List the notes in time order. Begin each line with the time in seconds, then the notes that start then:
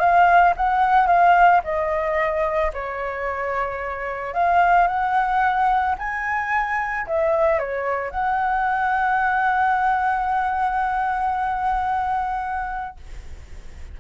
0.00 F5
0.57 F#5
1.07 F5
1.64 D#5
2.73 C#5
4.34 F5
4.87 F#5
5.99 G#5
7.07 E5
7.59 C#5
8.11 F#5